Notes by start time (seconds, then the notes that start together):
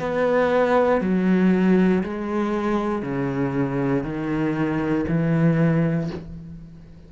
0.00 B3
1.02 F#3
2.04 G#3
3.03 C#3
4.04 D#3
5.09 E3